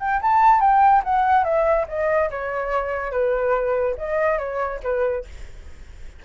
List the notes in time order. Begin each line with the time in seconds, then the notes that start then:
0.00 G5
0.22 A5
0.61 G5
1.04 F#5
1.44 E5
1.88 D#5
2.31 C#5
3.12 B4
3.98 D#5
4.38 C#5
4.83 B4